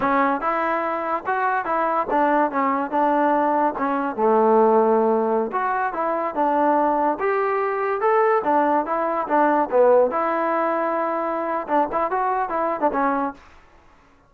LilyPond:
\new Staff \with { instrumentName = "trombone" } { \time 4/4 \tempo 4 = 144 cis'4 e'2 fis'4 | e'4 d'4 cis'4 d'4~ | d'4 cis'4 a2~ | a4~ a16 fis'4 e'4 d'8.~ |
d'4~ d'16 g'2 a'8.~ | a'16 d'4 e'4 d'4 b8.~ | b16 e'2.~ e'8. | d'8 e'8 fis'4 e'8. d'16 cis'4 | }